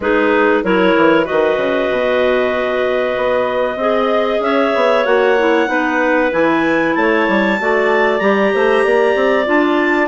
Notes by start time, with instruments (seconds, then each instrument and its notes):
0.00 bassoon G#3, clarinet D#4 G#4 B4
0.63 bassoon F#3, clarinet E4 A#4 C#5
0.96 bassoon E3
1.23 clarinet F#4 B4 D#5
1.31 bassoon D#3
1.57 bassoon C#3
1.90 bassoon B2
3.16 bassoon B3
3.76 bassoon C4, clarinet G#4 D#5
4.40 bassoon C#4, clarinet C#5 E5
4.74 bassoon B3
5.04 bassoon A#3, clarinet F#4 F#5
5.38 clarinet E4
5.66 bassoon B3, clarinet D#4 B4
6.31 bassoon E3, clarinet E4 G#5
6.94 bassoon A3, clarinet C#5 A5
7.28 bassoon G3
7.59 bassoon A3, clarinet F#4 D5
8.18 bassoon G3, clarinet G4 A#5
8.54 bassoon A3, clarinet C5
8.84 bassoon A#3, clarinet D5
9.15 bassoon C4
9.44 bassoon D4, clarinet F4 A5